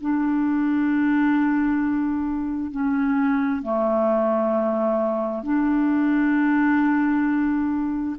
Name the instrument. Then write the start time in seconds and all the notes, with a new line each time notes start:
clarinet
0.00 D4
2.71 C#4
3.62 A3
5.43 D4